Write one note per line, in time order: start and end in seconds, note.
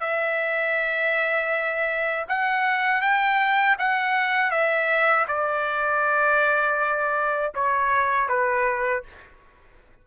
0.00 2.25 E5
2.28 3.01 F#5
3.01 3.76 G5
3.78 4.51 F#5
4.51 5.26 E5
5.27 7.52 D5
7.54 8.28 C#5
8.28 9.03 B4